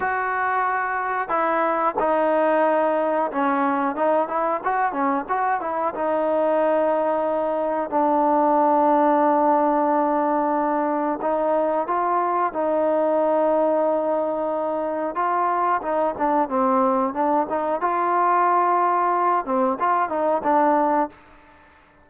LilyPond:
\new Staff \with { instrumentName = "trombone" } { \time 4/4 \tempo 4 = 91 fis'2 e'4 dis'4~ | dis'4 cis'4 dis'8 e'8 fis'8 cis'8 | fis'8 e'8 dis'2. | d'1~ |
d'4 dis'4 f'4 dis'4~ | dis'2. f'4 | dis'8 d'8 c'4 d'8 dis'8 f'4~ | f'4. c'8 f'8 dis'8 d'4 | }